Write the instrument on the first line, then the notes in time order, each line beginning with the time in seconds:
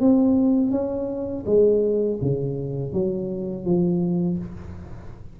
tuba
0.00 C4
0.71 C#4
1.46 G#3
2.22 C#3
2.93 F#3
3.65 F3